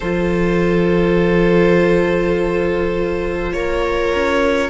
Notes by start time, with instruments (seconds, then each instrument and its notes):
0.00 cello F3, viola F4, violin A4 C5
3.52 cello A#3, violin A#4 C#5
4.15 cello C#4